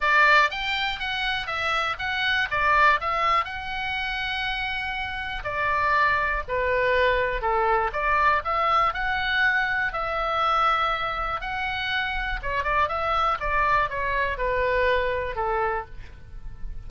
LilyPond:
\new Staff \with { instrumentName = "oboe" } { \time 4/4 \tempo 4 = 121 d''4 g''4 fis''4 e''4 | fis''4 d''4 e''4 fis''4~ | fis''2. d''4~ | d''4 b'2 a'4 |
d''4 e''4 fis''2 | e''2. fis''4~ | fis''4 cis''8 d''8 e''4 d''4 | cis''4 b'2 a'4 | }